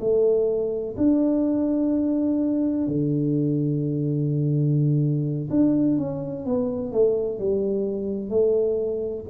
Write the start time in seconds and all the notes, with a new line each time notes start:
0.00 A3
0.97 D4
2.87 D3
5.50 D4
5.97 C#4
6.45 B3
6.92 A3
7.39 G3
8.30 A3